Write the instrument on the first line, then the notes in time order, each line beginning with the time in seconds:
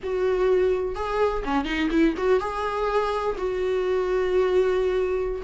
viola
0.03 F#4
0.95 G#4
1.44 C#4
1.65 D#4
1.90 E4
2.17 F#4
2.40 G#4
3.37 F#4